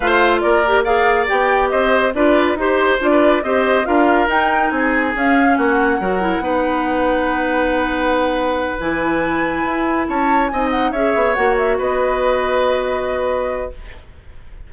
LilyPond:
<<
  \new Staff \with { instrumentName = "flute" } { \time 4/4 \tempo 4 = 140 f''4 d''4 f''4 g''4 | dis''4 d''4 c''4 d''4 | dis''4 f''4 g''4 gis''4 | f''4 fis''2.~ |
fis''1~ | fis''8 gis''2. a''8~ | a''8 gis''8 fis''8 e''4 fis''8 e''8 dis''8~ | dis''1 | }
  \new Staff \with { instrumentName = "oboe" } { \time 4/4 c''4 ais'4 d''2 | c''4 b'4 c''4~ c''16 b'8. | c''4 ais'2 gis'4~ | gis'4 fis'4 ais'4 b'4~ |
b'1~ | b'2.~ b'8 cis''8~ | cis''8 dis''4 cis''2 b'8~ | b'1 | }
  \new Staff \with { instrumentName = "clarinet" } { \time 4/4 f'4. g'8 gis'4 g'4~ | g'4 f'4 g'4 f'4 | g'4 f'4 dis'2 | cis'2 fis'8 e'8 dis'4~ |
dis'1~ | dis'8 e'2.~ e'8~ | e'8 dis'4 gis'4 fis'4.~ | fis'1 | }
  \new Staff \with { instrumentName = "bassoon" } { \time 4/4 a4 ais2 b4 | c'4 d'4 dis'4 d'4 | c'4 d'4 dis'4 c'4 | cis'4 ais4 fis4 b4~ |
b1~ | b8 e2 e'4 cis'8~ | cis'8 c'4 cis'8 b8 ais4 b8~ | b1 | }
>>